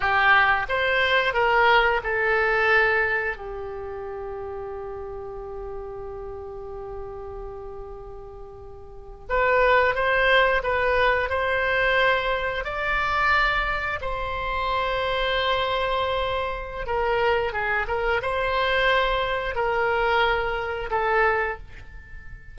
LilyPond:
\new Staff \with { instrumentName = "oboe" } { \time 4/4 \tempo 4 = 89 g'4 c''4 ais'4 a'4~ | a'4 g'2.~ | g'1~ | g'4.~ g'16 b'4 c''4 b'16~ |
b'8. c''2 d''4~ d''16~ | d''8. c''2.~ c''16~ | c''4 ais'4 gis'8 ais'8 c''4~ | c''4 ais'2 a'4 | }